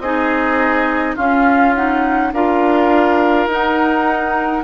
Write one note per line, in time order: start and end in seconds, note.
0.00 1.15 C4
0.00 1.18 D#4
0.00 1.16 G#4
0.00 1.16 D#5
1.16 1.75 C#4
1.16 2.33 C#4
1.16 2.31 F4
1.16 1.74 F5
1.75 2.33 D#4
1.75 2.33 F#5
2.33 3.47 D4
2.33 3.50 F4
2.33 4.64 A#4
2.33 3.49 F5
3.47 4.62 D#4
3.47 4.64 D#4
3.47 4.64 F#5